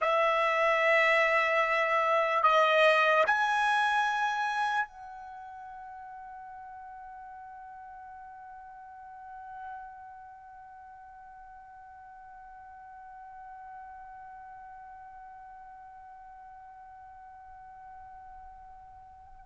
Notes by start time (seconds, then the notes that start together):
0.01 E5
2.43 D#5
3.26 G#5
4.86 F#5